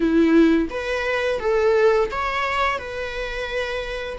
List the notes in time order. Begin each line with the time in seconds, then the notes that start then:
0.00 E4
0.70 B4
1.40 A4
2.11 C#5
2.78 B4